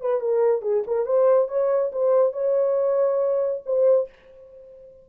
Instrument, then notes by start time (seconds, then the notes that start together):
horn
0.00 B4
0.20 A#4
0.61 G#4
0.87 A#4
1.05 C5
1.48 C#5
1.92 C5
2.33 C#5
3.66 C5